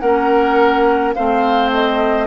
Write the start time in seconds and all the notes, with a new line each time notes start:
0.00 A#3 C#4 A#4 F#5
1.14 A3 C4 C5 F5
1.73 D#5